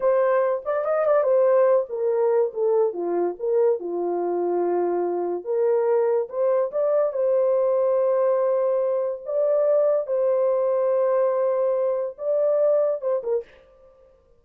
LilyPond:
\new Staff \with { instrumentName = "horn" } { \time 4/4 \tempo 4 = 143 c''4. d''8 dis''8 d''8 c''4~ | c''8 ais'4. a'4 f'4 | ais'4 f'2.~ | f'4 ais'2 c''4 |
d''4 c''2.~ | c''2 d''2 | c''1~ | c''4 d''2 c''8 ais'8 | }